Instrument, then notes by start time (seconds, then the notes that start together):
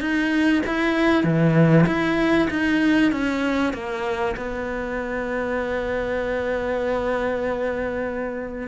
cello
0.00 D#4
0.66 E4
1.23 E3
1.86 E4
2.50 D#4
3.12 C#4
3.73 A#3
4.36 B3